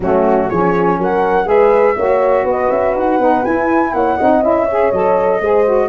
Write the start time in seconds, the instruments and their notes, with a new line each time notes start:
0.00 tuba F#3, saxophone A3, horn C#4, flute F#4
0.48 tuba F3, saxophone C#4, horn G#4, flute C#5
0.98 tuba F#3, horn A#4, flute F#5
1.44 tuba G#3, saxophone G#4, horn B4, flute E5
1.96 tuba A#3, saxophone F#4, horn C#5
2.44 tuba B3, horn B4, flute D#5
2.70 tuba C#4, flute E5
2.94 tuba D#4, flute F#5
3.19 tuba B3, saxophone D#4
3.44 saxophone E4, tuba E4, flute G#5
3.93 tuba A#3, horn C#5, flute F#5
4.16 tuba C4, saxophone D#4, horn D#5
4.42 tuba C#4, saxophone E4, flute E5
4.66 saxophone G#4, horn C#5
4.91 tuba F#3, saxophone A4, flute D#5
5.40 tuba G#3, saxophone G#4, horn C5
5.65 saxophone F#4